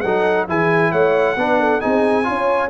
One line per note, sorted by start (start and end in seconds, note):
0.00 0.48 F#3
0.00 0.48 D#4
0.00 0.47 A4
0.00 0.44 F#5
0.48 0.92 E3
0.48 1.36 E4
0.48 0.91 G#4
0.48 0.92 G#5
0.91 1.36 A3
0.91 1.36 C#5
0.91 1.80 F#5
1.36 1.80 B3
1.36 1.81 D4
1.36 1.59 B4
1.59 1.81 A4
1.80 2.28 C4
1.80 2.23 D#4
1.80 2.25 G#4
1.80 2.69 G#5
2.23 2.70 C#4
2.23 2.68 F4
2.23 2.70 C#5